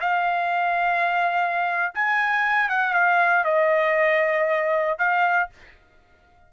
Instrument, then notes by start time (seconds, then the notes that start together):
trumpet
0.00 F5
1.94 G#5
2.69 F#5
2.93 F5
3.44 D#5
4.98 F5